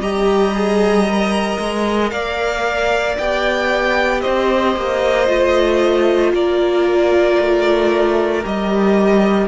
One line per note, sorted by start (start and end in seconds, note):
0.00 1.58 G3
0.00 0.54 G4
0.00 2.12 D#5
0.00 2.10 A#5
0.54 1.07 G#4
1.09 3.19 A#4
1.60 2.12 G#3
2.10 3.17 A#3
2.10 4.22 D5
2.10 3.16 F5
3.19 4.25 B3
3.19 5.27 G4
3.19 4.21 G5
4.21 4.77 C4
4.21 6.33 C5
4.21 6.32 D#5
4.77 5.29 A#3
5.27 6.33 A3
5.27 8.43 F4
6.33 7.39 A#3
6.33 9.48 A#4
6.33 8.46 D5
7.40 8.45 A3
8.44 9.48 G3
8.44 9.48 G4
8.44 9.48 D#5